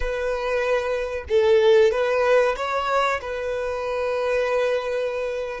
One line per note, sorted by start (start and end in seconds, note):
0.00 1.24 B4
1.28 1.91 A4
1.91 2.55 B4
2.56 3.20 C#5
3.21 5.60 B4